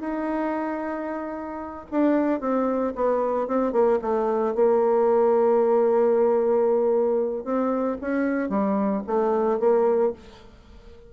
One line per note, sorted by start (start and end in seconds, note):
0.00 1.86 D#4
1.91 2.40 D4
2.40 2.93 C4
2.95 3.48 B3
3.48 3.73 C4
3.73 3.99 A#3
4.02 4.55 A3
4.55 7.44 A#3
7.44 7.97 C4
8.01 8.49 C#4
8.49 9.02 G3
9.07 9.60 A3
9.60 10.13 A#3